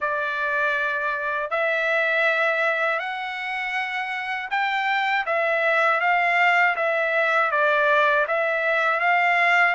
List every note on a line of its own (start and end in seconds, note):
0.00 1.50 D5
1.50 2.99 E5
2.99 4.49 F#5
4.50 5.25 G5
5.25 6.00 E5
6.00 6.75 F5
6.76 7.51 E5
7.51 8.26 D5
8.27 9.00 E5
9.00 9.74 F5